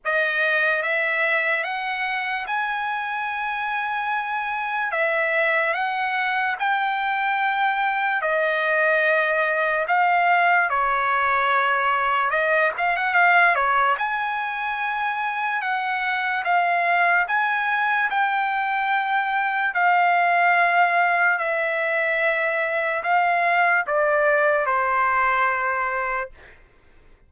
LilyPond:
\new Staff \with { instrumentName = "trumpet" } { \time 4/4 \tempo 4 = 73 dis''4 e''4 fis''4 gis''4~ | gis''2 e''4 fis''4 | g''2 dis''2 | f''4 cis''2 dis''8 f''16 fis''16 |
f''8 cis''8 gis''2 fis''4 | f''4 gis''4 g''2 | f''2 e''2 | f''4 d''4 c''2 | }